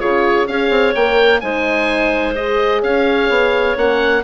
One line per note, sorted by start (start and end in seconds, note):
0.00 0.48 C#3
0.00 0.47 F4
0.00 0.48 G#4
0.00 0.47 C#5
0.47 0.70 C#4
0.47 0.95 G#4
0.47 1.42 C#5
0.47 0.94 F5
0.70 0.94 C4
0.95 1.42 A#3
0.95 1.43 A#4
0.95 1.41 G5
1.41 2.83 G#3
1.41 2.36 D#4
1.41 2.82 C5
1.41 2.34 G#5
2.35 3.76 G#4
2.35 2.82 D#5
2.82 3.29 C#4
2.82 4.23 C#5
2.82 3.77 F5
3.29 3.76 B3
3.76 4.24 A#3
3.76 4.23 C#4
3.76 4.24 F#5